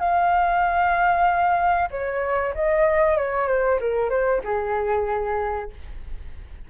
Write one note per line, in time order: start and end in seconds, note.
0.00 1.89 F5
1.91 2.54 C#5
2.55 3.18 D#5
3.18 3.49 C#5
3.49 3.80 C5
3.81 4.10 A#4
4.10 4.42 C5
4.44 5.71 G#4